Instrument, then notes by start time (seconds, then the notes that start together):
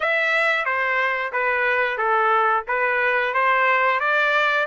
trumpet
0.00 E5
0.65 C5
1.32 B4
1.97 A4
2.67 B4
3.34 C5
4.00 D5